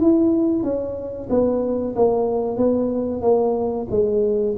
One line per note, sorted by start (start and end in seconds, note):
0.00 0.63 E4
0.63 1.28 C#4
1.30 1.95 B3
1.96 2.57 A#3
2.57 3.22 B3
3.22 3.87 A#3
3.90 4.56 G#3